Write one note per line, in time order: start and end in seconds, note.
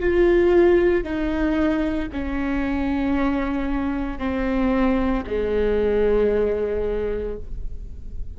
0.00 1.04 F4
1.04 2.10 D#4
2.13 4.19 C#4
4.19 5.24 C4
5.27 7.38 G#3